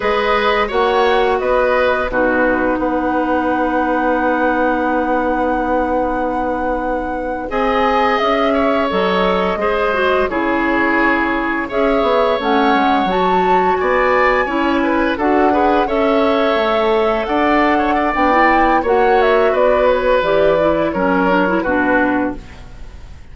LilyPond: <<
  \new Staff \with { instrumentName = "flute" } { \time 4/4 \tempo 4 = 86 dis''4 fis''4 dis''4 b'4 | fis''1~ | fis''2~ fis''8. gis''4 e''16~ | e''8. dis''2 cis''4~ cis''16~ |
cis''8. e''4 fis''4 a''4 gis''16~ | gis''4.~ gis''16 fis''4 e''4~ e''16~ | e''8. fis''4~ fis''16 g''4 fis''8 e''8 | d''8 cis''8 d''4 cis''4 b'4 | }
  \new Staff \with { instrumentName = "oboe" } { \time 4/4 b'4 cis''4 b'4 fis'4 | b'1~ | b'2~ b'8. dis''4~ dis''16~ | dis''16 cis''4. c''4 gis'4~ gis'16~ |
gis'8. cis''2. d''16~ | d''8. cis''8 b'8 a'8 b'8 cis''4~ cis''16~ | cis''8. d''8. cis''16 d''4~ d''16 cis''4 | b'2 ais'4 fis'4 | }
  \new Staff \with { instrumentName = "clarinet" } { \time 4/4 gis'4 fis'2 dis'4~ | dis'1~ | dis'2~ dis'8. gis'4~ gis'16~ | gis'8. a'4 gis'8 fis'8 e'4~ e'16~ |
e'8. gis'4 cis'4 fis'4~ fis'16~ | fis'8. e'4 fis'8 gis'8 a'4~ a'16~ | a'2 d'16 e'8. fis'4~ | fis'4 g'8 e'8 cis'8 d'16 e'16 d'4 | }
  \new Staff \with { instrumentName = "bassoon" } { \time 4/4 gis4 ais4 b4 b,4 | b1~ | b2~ b8. c'4 cis'16~ | cis'8. fis4 gis4 cis4~ cis16~ |
cis8. cis'8 b8 a8 gis8 fis4 b16~ | b8. cis'4 d'4 cis'4 a16~ | a8. d'4~ d'16 b4 ais4 | b4 e4 fis4 b,4 | }
>>